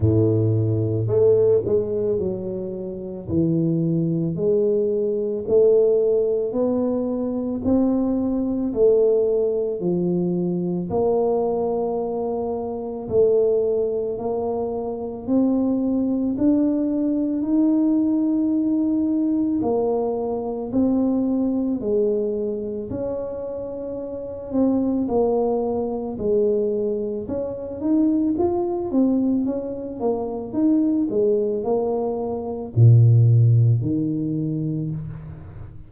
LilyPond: \new Staff \with { instrumentName = "tuba" } { \time 4/4 \tempo 4 = 55 a,4 a8 gis8 fis4 e4 | gis4 a4 b4 c'4 | a4 f4 ais2 | a4 ais4 c'4 d'4 |
dis'2 ais4 c'4 | gis4 cis'4. c'8 ais4 | gis4 cis'8 dis'8 f'8 c'8 cis'8 ais8 | dis'8 gis8 ais4 ais,4 dis4 | }